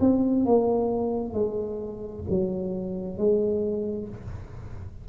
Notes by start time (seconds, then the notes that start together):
0.00 C4
0.45 A#3
1.33 G#3
2.29 F#3
3.17 G#3